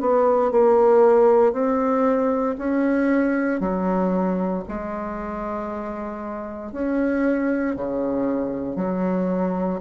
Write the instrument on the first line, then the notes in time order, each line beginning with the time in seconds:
bassoon
0.00 B3
0.51 A#3
1.52 C4
2.58 C#4
3.60 F#3
4.68 G#3
6.72 C#4
7.76 C#3
8.76 F#3